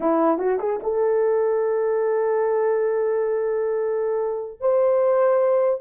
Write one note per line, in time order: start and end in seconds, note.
0.00 0.38 E4
0.38 0.58 F#4
0.59 0.80 G#4
0.83 4.60 A4
4.60 5.80 C5